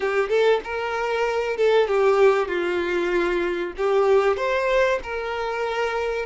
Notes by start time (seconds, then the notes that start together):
0.00 G4
0.29 A4
0.64 A#4
1.56 A4
1.87 G4
2.48 F4
3.77 G4
4.36 C5
5.03 A#4